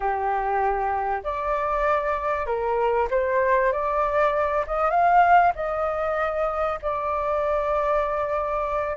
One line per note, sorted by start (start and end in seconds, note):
0.00 1.22 G4
1.23 2.46 D5
2.46 3.08 A#4
3.10 3.72 C5
3.72 4.65 D5
4.66 4.90 D#5
4.90 5.52 F5
5.55 6.79 D#5
6.82 8.96 D5